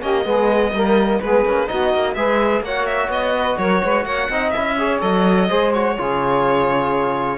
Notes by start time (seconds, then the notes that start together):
0.00 A#3 C#4 G4 D#5
0.25 G#3 B3 G#4
0.71 G3 A#3 A#4
1.21 G#3 B3 G#4 B4
1.45 A#3 C#4
1.67 B3 D#4 F#4 D#5
1.94 A#3
2.14 G#3 G#4 B4 E5
2.60 A#3 C#5 F#5
2.66 F#4
2.86 E5
3.08 B3 D#5
3.36 B4
3.57 F#3 A#4 C#5
3.83 G#3 B4
4.04 A#3 C#5 F#5
4.29 C4 D#4 D#5
4.50 E4 E5
4.56 C#4
4.76 G#4 C#5
5.00 F#3 A4 D#5
5.48 G#3 G#4 C5
5.73 F#4 C#5
5.97 C#3 F4 G#4